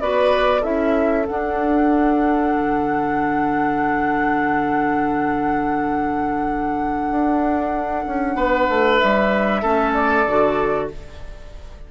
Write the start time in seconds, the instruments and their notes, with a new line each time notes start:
0.00 bassoon B3, clarinet F#4, oboe B4, flute D5
0.61 bassoon C#4, clarinet E4, oboe A4, flute E5
1.27 clarinet D4, bassoon D4, flute F#5
2.54 bassoon D3
7.11 bassoon D4
8.07 bassoon C#4
8.36 bassoon B3, oboe B4
8.69 bassoon A3
8.98 bassoon G3, flute E5
9.62 bassoon A3, clarinet C#4, oboe A4
9.93 flute D5
10.27 bassoon D3, clarinet F#4